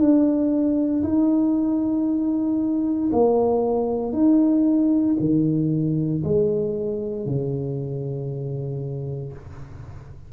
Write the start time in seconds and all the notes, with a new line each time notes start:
0.00 D4
1.04 D#4
3.13 A#3
4.13 D#4
5.20 D#3
6.24 G#3
7.26 C#3